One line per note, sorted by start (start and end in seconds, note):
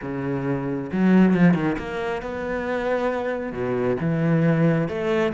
0.01 0.90 C#3
0.92 1.34 F#3
1.34 1.54 F3
1.54 1.76 D#3
1.78 2.21 A#3
2.21 3.52 B3
3.52 3.97 B2
4.00 4.88 E3
4.88 5.33 A3